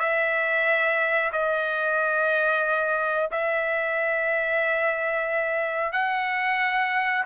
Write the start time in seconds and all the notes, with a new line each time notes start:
0.00 E5
1.32 D#5
3.31 E5
5.93 F#5